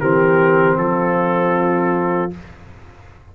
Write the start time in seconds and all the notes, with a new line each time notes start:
0.00 E3 C4 G4 A#4
0.78 F3 F4 A4